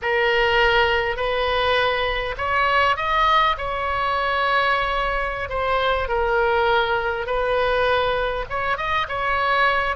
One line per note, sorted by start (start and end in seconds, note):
0.01 1.16 A#4
1.16 2.35 B4
2.37 2.96 C#5
2.96 3.56 D#5
3.57 5.49 C#5
5.49 6.08 C5
6.08 7.26 A#4
7.26 8.45 B4
8.49 8.77 C#5
8.77 9.06 D#5
9.08 9.96 C#5